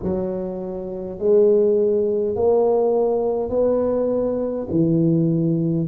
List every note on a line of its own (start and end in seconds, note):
0.02 1.18 F#3
1.18 2.35 G#3
2.35 3.49 A#3
3.49 4.67 B3
4.70 5.87 E3